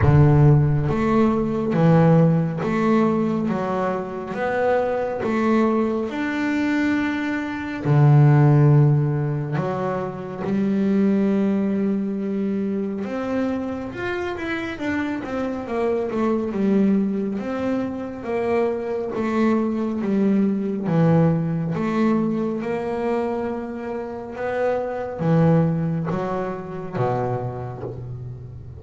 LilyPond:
\new Staff \with { instrumentName = "double bass" } { \time 4/4 \tempo 4 = 69 d4 a4 e4 a4 | fis4 b4 a4 d'4~ | d'4 d2 fis4 | g2. c'4 |
f'8 e'8 d'8 c'8 ais8 a8 g4 | c'4 ais4 a4 g4 | e4 a4 ais2 | b4 e4 fis4 b,4 | }